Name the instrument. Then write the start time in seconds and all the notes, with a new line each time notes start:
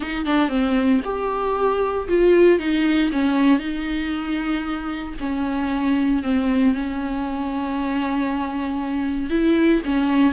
viola
0.00 D#4
0.25 D4
0.48 C4
1.04 G4
2.08 F4
2.59 D#4
3.12 C#4
3.59 D#4
5.20 C#4
6.22 C4
6.74 C#4
9.30 E4
9.85 C#4